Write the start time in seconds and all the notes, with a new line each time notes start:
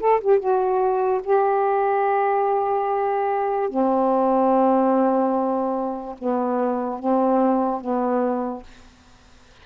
0.00 A4
0.21 G4
0.39 F#4
1.24 G4
3.69 C4
6.18 B3
6.99 C4
7.81 B3